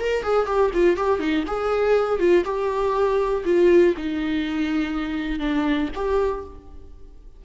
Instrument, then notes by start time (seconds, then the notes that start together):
viola
0.00 A#4
0.24 G#4
0.47 G4
0.74 F4
0.97 G4
1.20 D#4
1.47 G#4
2.20 F4
2.45 G4
3.45 F4
3.97 D#4
5.40 D4
5.95 G4